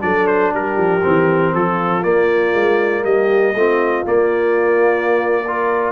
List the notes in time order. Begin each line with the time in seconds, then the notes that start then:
0.00 F#3 D4 A4 D5
0.27 C5
0.53 G3 G4 A#4
0.77 F3
1.03 E3 C4
1.55 F3 F4 A4
2.03 A#3 D5
2.54 G#3
3.04 G3 G4 D#5
3.54 A3 C4 F4
4.06 A#3 D5
5.45 F4 A#4